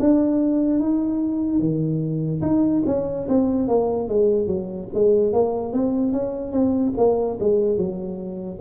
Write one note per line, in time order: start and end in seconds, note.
0.00 0.80 D4
0.80 1.60 D#4
1.60 2.42 D#3
2.42 2.83 D#4
2.86 3.27 C#4
3.29 3.68 C4
3.68 4.09 A#3
4.09 4.47 G#3
4.47 4.88 F#3
4.94 5.33 G#3
5.33 5.73 A#3
5.73 6.13 C4
6.13 6.53 C#4
6.53 6.94 C4
6.98 7.39 A#3
7.40 7.77 G#3
7.77 8.60 F#3